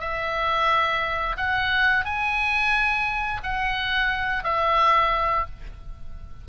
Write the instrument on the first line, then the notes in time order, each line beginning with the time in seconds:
oboe
0.00 E5
1.37 F#5
2.05 G#5
3.43 F#5
4.44 E5